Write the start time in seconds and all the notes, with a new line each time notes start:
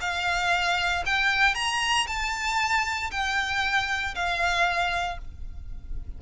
0.00 F5
1.06 G5
1.54 A#5
2.07 A5
3.11 G5
4.14 F5